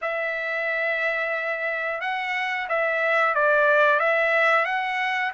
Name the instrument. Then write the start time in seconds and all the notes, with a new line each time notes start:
trumpet
0.01 E5
2.01 F#5
2.68 E5
3.35 D5
3.99 E5
4.65 F#5